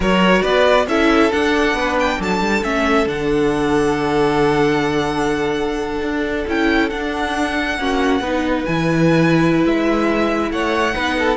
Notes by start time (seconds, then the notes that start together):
0.00 F#3 F#4 A#4 C#5
0.42 B3 B4 D5
0.87 C#4 E4 A4 E5
1.31 D4 F#5
1.73 B3 B4
1.99 G5
2.19 F#3 A4 A5
2.40 G3
2.62 A3 C#4 E5
3.06 D3 D4 F#5
6.01 D4
6.47 C#4 E4 G5
6.89 D4 F#5
7.78 A#3 C#4 F#4
8.20 B3 D#4 B4
8.64 E3 E4 G#5
9.64 G#3 E5
10.50 A3 C#5 F#5
10.94 B3 D#4 B4
11.18 A4